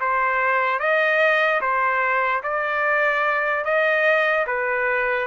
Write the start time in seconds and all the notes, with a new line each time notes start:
0.00 C5
0.80 D#5
1.61 C5
2.43 D5
3.65 D#5
4.47 B4